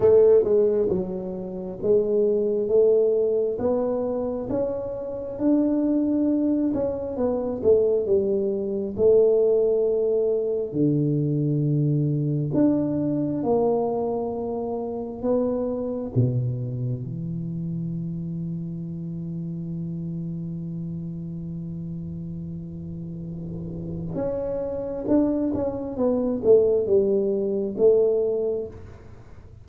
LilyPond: \new Staff \with { instrumentName = "tuba" } { \time 4/4 \tempo 4 = 67 a8 gis8 fis4 gis4 a4 | b4 cis'4 d'4. cis'8 | b8 a8 g4 a2 | d2 d'4 ais4~ |
ais4 b4 b,4 e4~ | e1~ | e2. cis'4 | d'8 cis'8 b8 a8 g4 a4 | }